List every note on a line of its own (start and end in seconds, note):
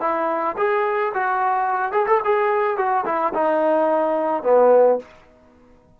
0.00 0.56 E4
0.57 1.13 G#4
1.14 1.92 F#4
1.92 2.06 G#4
2.07 2.21 A4
2.24 2.77 G#4
2.77 3.05 F#4
3.05 3.33 E4
3.34 4.43 D#4
4.43 4.98 B3